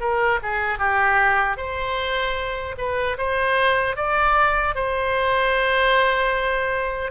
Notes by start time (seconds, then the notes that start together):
0.00 A#4
0.42 G#4
0.79 G4
1.57 C5
2.78 B4
3.18 C5
3.96 D5
4.75 C5